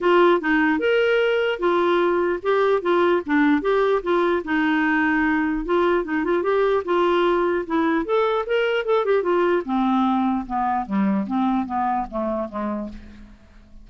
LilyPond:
\new Staff \with { instrumentName = "clarinet" } { \time 4/4 \tempo 4 = 149 f'4 dis'4 ais'2 | f'2 g'4 f'4 | d'4 g'4 f'4 dis'4~ | dis'2 f'4 dis'8 f'8 |
g'4 f'2 e'4 | a'4 ais'4 a'8 g'8 f'4 | c'2 b4 g4 | c'4 b4 a4 gis4 | }